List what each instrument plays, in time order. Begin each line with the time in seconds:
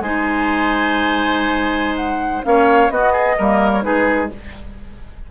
0.00 bassoon G#3, clarinet D#4, oboe C5, flute G#5
1.96 flute F#5
2.44 bassoon A#3, clarinet C#4, oboe C#5, flute F5
2.90 bassoon B3, clarinet B3, oboe F#4, flute D#5
3.12 oboe G#4
3.38 bassoon G3, clarinet A#3, oboe A#4
3.72 flute C#5
3.82 bassoon G#3, clarinet D#4, oboe G#4, flute B4